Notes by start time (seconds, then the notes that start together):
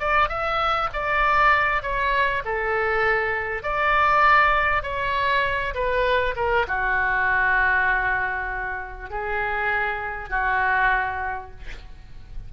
0.00 D5
0.29 E5
0.93 D5
1.82 C#5
2.45 A4
3.63 D5
4.83 C#5
5.75 B4
6.36 A#4
6.68 F#4
9.10 G#4
10.30 F#4